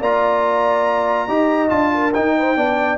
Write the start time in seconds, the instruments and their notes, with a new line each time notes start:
0.00 tuba A#3, trombone F4, horn D5, trumpet A#5
1.28 tuba D#4, trombone G4, horn D#5
1.69 tuba D4, trombone F4, trumpet A5
1.94 horn A#4
2.14 tuba D#4, trombone D#4, trumpet G5
2.37 horn C5
2.57 tuba B3, trombone D4, horn D5